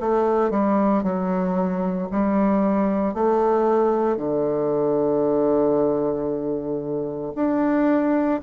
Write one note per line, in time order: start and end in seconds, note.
0.00 0.51 A3
0.51 1.03 G3
1.03 2.09 F#3
2.12 3.14 G3
3.14 4.17 A3
4.17 7.33 D3
7.35 8.41 D4